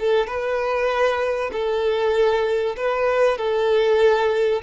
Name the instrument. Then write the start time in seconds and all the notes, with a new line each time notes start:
violin
0.00 A4
0.27 B4
1.53 A4
2.77 B4
3.39 A4